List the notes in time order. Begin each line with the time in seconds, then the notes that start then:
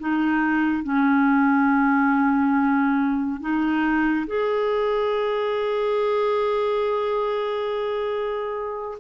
0.00 D#4
0.84 C#4
3.41 D#4
4.27 G#4